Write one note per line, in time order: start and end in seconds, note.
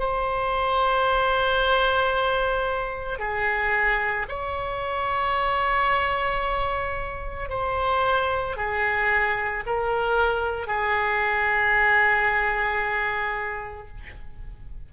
0.00 3.19 C5
3.19 4.27 G#4
4.29 7.50 C#5
7.50 8.57 C5
8.57 9.64 G#4
9.67 10.68 A#4
10.68 13.89 G#4